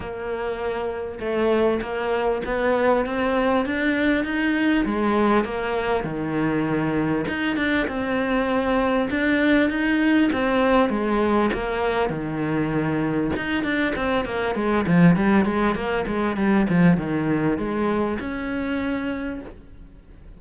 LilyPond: \new Staff \with { instrumentName = "cello" } { \time 4/4 \tempo 4 = 99 ais2 a4 ais4 | b4 c'4 d'4 dis'4 | gis4 ais4 dis2 | dis'8 d'8 c'2 d'4 |
dis'4 c'4 gis4 ais4 | dis2 dis'8 d'8 c'8 ais8 | gis8 f8 g8 gis8 ais8 gis8 g8 f8 | dis4 gis4 cis'2 | }